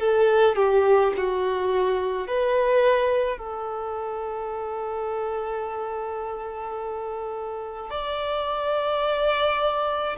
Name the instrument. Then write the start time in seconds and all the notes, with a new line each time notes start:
violin
0.00 A4
0.56 G4
1.17 F#4
2.28 B4
3.38 A4
7.90 D5